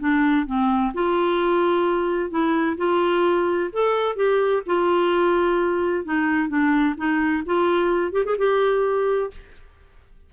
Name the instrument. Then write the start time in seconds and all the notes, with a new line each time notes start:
clarinet
0.00 D4
0.46 C4
0.94 F4
2.30 E4
2.77 F4
3.73 A4
4.16 G4
4.67 F4
6.05 D#4
6.49 D4
6.97 D#4
7.46 F4
8.12 G4
8.25 G#4
8.38 G4